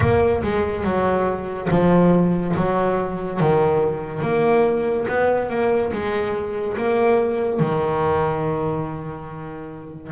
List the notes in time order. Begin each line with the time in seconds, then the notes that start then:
0.00 A#3
0.42 G#3
0.83 F#3
1.70 F3
2.56 F#3
3.40 D#3
4.22 A#3
5.08 B3
5.49 A#3
5.92 G#3
6.77 A#3
7.59 D#3